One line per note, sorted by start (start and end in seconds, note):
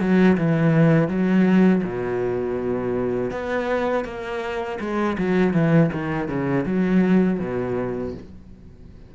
0.00 0.37 F#3
0.37 1.08 E3
1.08 1.82 F#3
1.83 3.31 B2
3.31 4.05 B3
4.05 4.79 A#3
4.80 5.17 G#3
5.19 5.53 F#3
5.53 5.90 E3
5.93 6.28 D#3
6.28 6.65 C#3
6.66 7.40 F#3
7.40 8.14 B2